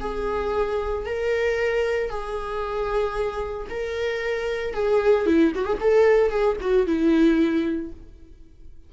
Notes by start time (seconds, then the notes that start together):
0.00 G#4
1.06 A#4
2.09 G#4
3.69 A#4
4.73 G#4
5.26 E4
5.55 F#4
5.64 G#4
5.80 A4
6.30 G#4
6.60 F#4
6.86 E4